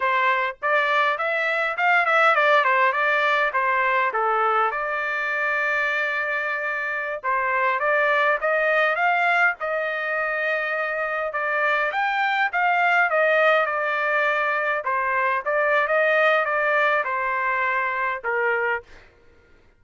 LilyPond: \new Staff \with { instrumentName = "trumpet" } { \time 4/4 \tempo 4 = 102 c''4 d''4 e''4 f''8 e''8 | d''8 c''8 d''4 c''4 a'4 | d''1~ | d''16 c''4 d''4 dis''4 f''8.~ |
f''16 dis''2. d''8.~ | d''16 g''4 f''4 dis''4 d''8.~ | d''4~ d''16 c''4 d''8. dis''4 | d''4 c''2 ais'4 | }